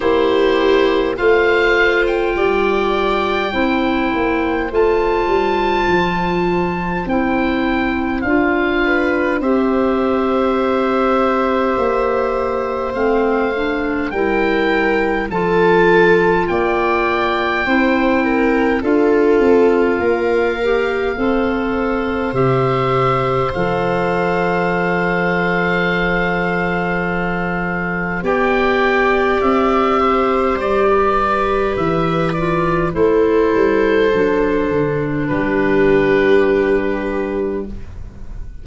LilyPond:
<<
  \new Staff \with { instrumentName = "oboe" } { \time 4/4 \tempo 4 = 51 c''4 f''8. g''2~ g''16 | a''2 g''4 f''4 | e''2. f''4 | g''4 a''4 g''2 |
f''2. e''4 | f''1 | g''4 e''4 d''4 e''8 d''8 | c''2 b'2 | }
  \new Staff \with { instrumentName = "viola" } { \time 4/4 g'4 c''4 d''4 c''4~ | c''2.~ c''8 b'8 | c''1 | ais'4 a'4 d''4 c''8 ais'8 |
a'4 ais'4 c''2~ | c''1 | d''4. c''8. b'4.~ b'16 | a'2 g'2 | }
  \new Staff \with { instrumentName = "clarinet" } { \time 4/4 e'4 f'2 e'4 | f'2 e'4 f'4 | g'2. c'8 d'8 | e'4 f'2 e'4 |
f'4. g'8 a'4 g'4 | a'1 | g'2.~ g'8 f'8 | e'4 d'2. | }
  \new Staff \with { instrumentName = "tuba" } { \time 4/4 ais4 a4 g4 c'8 ais8 | a8 g8 f4 c'4 d'4 | c'2 ais4 a4 | g4 f4 ais4 c'4 |
d'8 c'8 ais4 c'4 c4 | f1 | b4 c'4 g4 e4 | a8 g8 fis8 d8 g2 | }
>>